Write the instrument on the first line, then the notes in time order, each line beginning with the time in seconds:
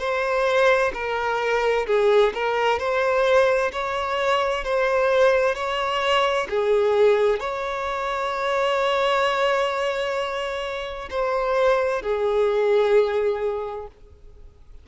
violin
0.00 C5
0.94 A#4
1.87 G#4
2.35 A#4
2.79 C5
3.72 C#5
4.64 C5
5.55 C#5
6.50 G#4
7.40 C#5
11.11 C5
12.03 G#4